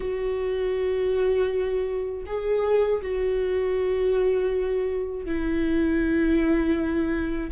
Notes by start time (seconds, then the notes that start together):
0.00 F#4
2.26 G#4
3.01 F#4
5.25 E4